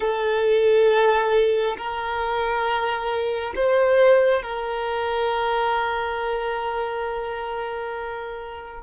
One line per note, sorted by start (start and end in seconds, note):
0.00 1.76 A4
1.77 3.53 A#4
3.55 4.42 C5
4.42 8.82 A#4